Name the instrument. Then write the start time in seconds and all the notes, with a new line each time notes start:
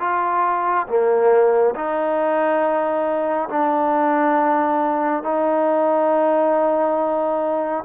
trombone
0.00 F4
0.88 A#3
1.75 D#4
3.50 D4
5.24 D#4